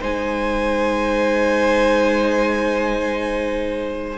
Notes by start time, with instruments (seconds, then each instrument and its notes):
0.00 cello G#3, viola D#4, violin C5 G#5